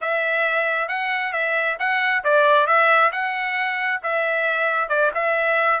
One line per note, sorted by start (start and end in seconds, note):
0.01 0.88 E5
0.88 1.32 F#5
1.32 1.77 E5
1.79 2.23 F#5
2.24 2.66 D5
2.66 3.11 E5
3.12 4.01 F#5
4.02 4.88 E5
4.88 5.11 D5
5.14 5.80 E5